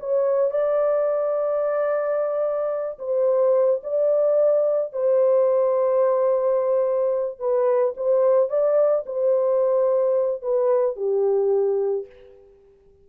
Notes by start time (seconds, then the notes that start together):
0.00 C#5
0.51 D5
2.99 C5
3.84 D5
4.93 C5
7.40 B4
7.97 C5
8.50 D5
9.07 C5
10.42 B4
10.96 G4